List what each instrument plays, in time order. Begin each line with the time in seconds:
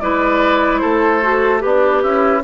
0.00 bassoon G#3, clarinet E4, oboe B4, flute D5
0.78 bassoon A3, oboe A4, flute C5
1.22 clarinet F#4
1.59 bassoon B3, oboe D4, clarinet G4, flute B4
2.03 bassoon C#4, oboe E4